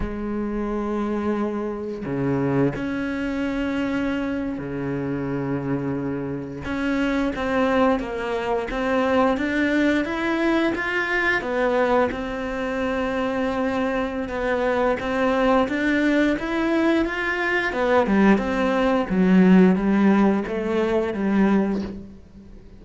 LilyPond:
\new Staff \with { instrumentName = "cello" } { \time 4/4 \tempo 4 = 88 gis2. cis4 | cis'2~ cis'8. cis4~ cis16~ | cis4.~ cis16 cis'4 c'4 ais16~ | ais8. c'4 d'4 e'4 f'16~ |
f'8. b4 c'2~ c'16~ | c'4 b4 c'4 d'4 | e'4 f'4 b8 g8 c'4 | fis4 g4 a4 g4 | }